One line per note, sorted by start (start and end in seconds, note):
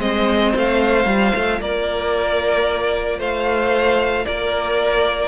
0.00 0.53 G#3
0.00 1.06 C4
0.00 1.60 C5
0.00 0.54 D#5
0.56 1.06 A3
0.56 1.61 F5
1.06 1.32 G3
1.06 5.28 F4
1.36 1.60 A3
1.60 3.19 A#3
1.60 3.19 A#4
1.60 3.20 D5
3.19 4.25 A3
3.19 4.25 C5
3.19 4.25 F5
4.25 5.28 A#3
4.25 5.28 A#4
4.25 5.28 D5